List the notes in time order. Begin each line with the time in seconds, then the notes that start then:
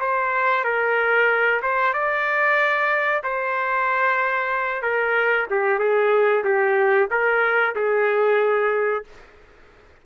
0.00 C5
0.64 A#4
1.62 C5
1.93 D5
3.23 C5
4.82 A#4
5.50 G4
5.79 G#4
6.44 G4
7.11 A#4
7.75 G#4